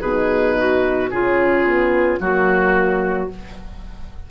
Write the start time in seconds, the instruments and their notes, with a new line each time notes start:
0.00 bassoon B2, horn D#4, clarinet G#4, oboe B4
0.58 clarinet F#4
1.10 bassoon C#3, horn C#4, clarinet F4, oboe G#4
1.65 horn B3
2.20 bassoon F#3, horn A#3, oboe F#4, clarinet F#4